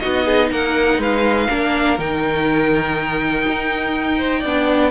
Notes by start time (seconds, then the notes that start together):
0.00 B3 D#4 F#4 D#5
0.26 G#4
0.52 A#3 A#4 F#5
0.99 G#3 B4 F5
1.48 A#3 D4 A#4
1.99 D#3 D#4 G5
3.48 D#4
4.18 C5
4.40 B3 D5
4.46 D4